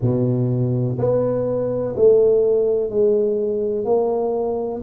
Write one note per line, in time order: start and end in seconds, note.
0.01 0.98 B2
0.98 1.95 B3
1.96 2.89 A3
2.89 3.84 G#3
3.84 4.81 A#3